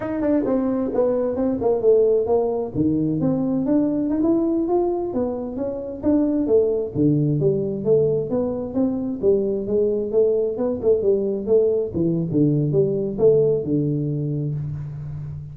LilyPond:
\new Staff \with { instrumentName = "tuba" } { \time 4/4 \tempo 4 = 132 dis'8 d'8 c'4 b4 c'8 ais8 | a4 ais4 dis4 c'4 | d'4 dis'16 e'4 f'4 b8.~ | b16 cis'4 d'4 a4 d8.~ |
d16 g4 a4 b4 c'8.~ | c'16 g4 gis4 a4 b8 a16~ | a16 g4 a4 e8. d4 | g4 a4 d2 | }